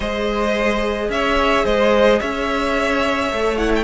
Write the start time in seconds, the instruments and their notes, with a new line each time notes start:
0.00 cello G#3, viola G#4, violin C5 D#5
1.09 cello C#4, violin C#5 E5
1.64 cello G#3, violin C5 D#5
2.19 cello C#4, violin C#5 E5
3.30 cello A3, viola A4
3.56 viola E4, violin F#5
3.75 violin G5